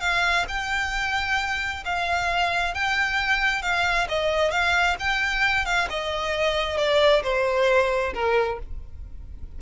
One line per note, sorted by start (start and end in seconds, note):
0.00 0.45 F5
0.48 1.84 G5
1.85 2.74 F5
2.74 3.62 G5
3.62 4.07 F5
4.08 4.51 D#5
4.51 4.96 F5
4.99 5.65 G5
5.65 5.88 F5
5.89 6.77 D#5
6.77 7.22 D5
7.23 8.13 C5
8.14 8.59 A#4